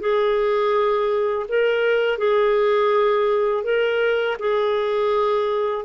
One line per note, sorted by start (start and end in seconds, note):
0.00 1.46 G#4
1.48 2.18 A#4
2.18 3.64 G#4
3.64 4.37 A#4
4.39 5.85 G#4